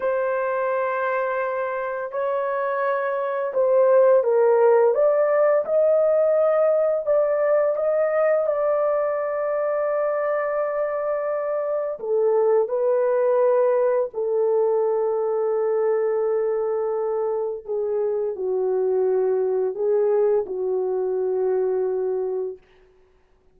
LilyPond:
\new Staff \with { instrumentName = "horn" } { \time 4/4 \tempo 4 = 85 c''2. cis''4~ | cis''4 c''4 ais'4 d''4 | dis''2 d''4 dis''4 | d''1~ |
d''4 a'4 b'2 | a'1~ | a'4 gis'4 fis'2 | gis'4 fis'2. | }